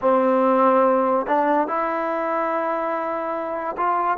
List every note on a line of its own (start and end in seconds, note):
0.01 1.26 C4
1.26 1.67 D4
1.67 3.75 E4
3.77 4.17 F4